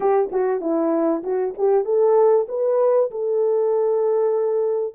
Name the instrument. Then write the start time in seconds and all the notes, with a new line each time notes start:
horn
0.00 G4
0.32 F#4
0.60 E4
1.23 F#4
1.57 G4
1.84 A4
2.48 B4
3.10 A4